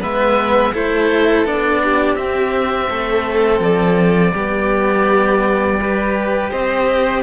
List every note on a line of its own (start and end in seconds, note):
0.00 0.75 G#3
0.00 0.72 B3
0.00 0.73 B4
0.00 0.75 E5
0.74 1.44 A3
0.74 1.46 E4
0.74 1.82 A4
0.74 1.47 C5
1.44 2.15 B3
1.44 2.17 D4
1.44 2.16 D5
1.84 2.90 G4
2.15 2.88 C4
2.15 4.34 C4
2.15 3.60 E5
2.90 3.60 A3
2.90 4.33 A4
3.60 4.32 F3
3.60 6.51 D5
4.33 6.51 G3
4.33 5.80 B3
4.33 5.78 G4
5.81 7.23 G4
5.81 6.51 B4
6.51 7.23 C4
6.51 7.23 C5
6.51 7.23 D#5